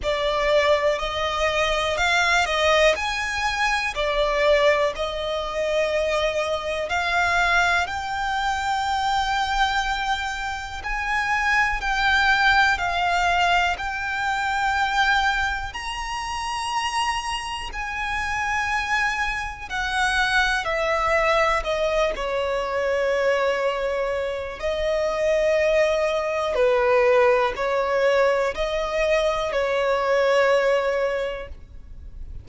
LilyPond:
\new Staff \with { instrumentName = "violin" } { \time 4/4 \tempo 4 = 61 d''4 dis''4 f''8 dis''8 gis''4 | d''4 dis''2 f''4 | g''2. gis''4 | g''4 f''4 g''2 |
ais''2 gis''2 | fis''4 e''4 dis''8 cis''4.~ | cis''4 dis''2 b'4 | cis''4 dis''4 cis''2 | }